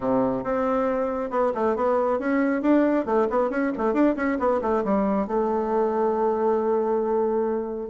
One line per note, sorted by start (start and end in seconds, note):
0.00 0.43 C3
0.43 1.30 C4
1.30 1.52 B3
1.54 1.76 A3
1.76 2.19 B3
2.19 2.61 C#4
2.61 3.05 D4
3.05 3.27 A3
3.29 3.50 B3
3.50 3.71 C#4
3.77 3.93 A3
3.93 4.15 D4
4.16 4.38 C#4
4.39 4.61 B3
4.61 4.83 A3
4.84 5.27 G3
5.27 7.89 A3